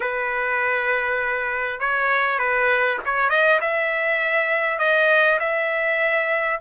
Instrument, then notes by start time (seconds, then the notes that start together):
trumpet
0.00 B4
1.80 C#5
2.38 B4
3.05 C#5
3.29 D#5
3.60 E5
4.78 D#5
5.39 E5